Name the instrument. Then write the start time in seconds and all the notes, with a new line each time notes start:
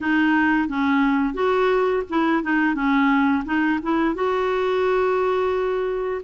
clarinet
0.01 D#4
0.68 C#4
1.34 F#4
2.09 E4
2.43 D#4
2.74 C#4
3.45 D#4
3.82 E4
4.14 F#4